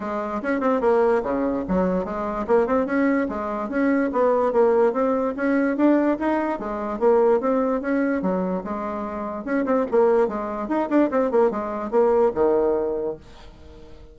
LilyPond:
\new Staff \with { instrumentName = "bassoon" } { \time 4/4 \tempo 4 = 146 gis4 cis'8 c'8 ais4 cis4 | fis4 gis4 ais8 c'8 cis'4 | gis4 cis'4 b4 ais4 | c'4 cis'4 d'4 dis'4 |
gis4 ais4 c'4 cis'4 | fis4 gis2 cis'8 c'8 | ais4 gis4 dis'8 d'8 c'8 ais8 | gis4 ais4 dis2 | }